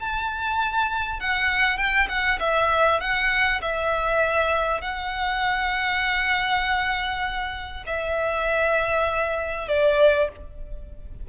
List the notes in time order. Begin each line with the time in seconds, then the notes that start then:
0.00 A5
1.20 F#5
1.77 G5
2.09 F#5
2.39 E5
3.00 F#5
3.61 E5
4.81 F#5
7.86 E5
9.68 D5